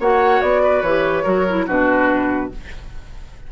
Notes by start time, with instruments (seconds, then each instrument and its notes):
0.00 bassoon A#3, clarinet F#4, oboe C#5, flute F#5
0.42 bassoon B3, flute D5
0.63 oboe B4
0.82 bassoon E3, clarinet G4, flute C#5
1.24 bassoon F#3, clarinet F#4, oboe A#4
1.49 clarinet E4
1.67 bassoon B2, clarinet D4, oboe F#4, flute B4